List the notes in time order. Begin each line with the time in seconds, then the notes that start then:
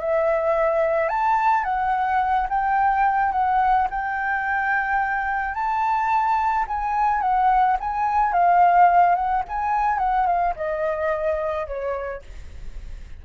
0.00 E5
1.09 A5
1.64 F#5
2.49 G5
3.32 F#5
3.90 G5
5.54 A5
6.68 G#5
7.21 F#5
7.80 G#5
8.33 F5
9.15 F#5
9.48 G#5
9.98 F#5
10.26 F5
10.56 D#5
11.67 C#5